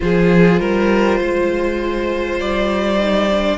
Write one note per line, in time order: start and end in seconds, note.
0.00 0.60 F3
0.00 2.98 F4
0.00 0.60 G#4
0.00 2.40 C5
0.60 1.20 G3
0.60 1.18 A#4
1.18 2.40 G#3
1.18 3.58 C5
2.40 3.58 G3
2.40 3.58 D5
2.98 3.29 D#4
3.31 3.58 D4